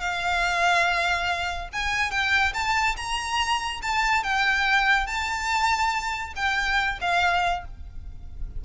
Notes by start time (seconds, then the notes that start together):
0.00 F5
1.72 G#5
2.11 G5
2.54 A5
2.97 A#5
3.82 A5
4.23 G5
5.07 A5
6.36 G5
7.01 F5